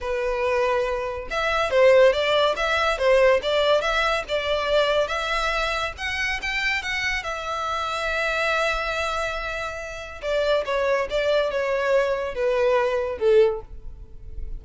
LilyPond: \new Staff \with { instrumentName = "violin" } { \time 4/4 \tempo 4 = 141 b'2. e''4 | c''4 d''4 e''4 c''4 | d''4 e''4 d''2 | e''2 fis''4 g''4 |
fis''4 e''2.~ | e''1 | d''4 cis''4 d''4 cis''4~ | cis''4 b'2 a'4 | }